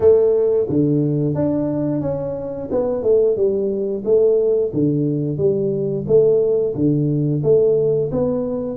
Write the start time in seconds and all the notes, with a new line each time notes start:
0.00 A3
0.69 D3
1.35 D4
2.01 C#4
2.71 B3
3.02 A3
3.36 G3
4.04 A3
4.73 D3
5.37 G3
6.07 A3
6.74 D3
7.43 A3
8.11 B3